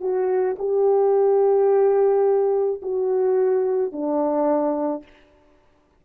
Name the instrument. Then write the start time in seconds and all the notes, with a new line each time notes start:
horn
0.00 F#4
0.58 G4
2.82 F#4
3.91 D4